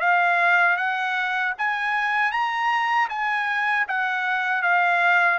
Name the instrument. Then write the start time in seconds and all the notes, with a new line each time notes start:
trumpet
0.00 F5
0.77 F#5
1.58 G#5
2.31 A#5
3.09 G#5
3.88 F#5
4.62 F5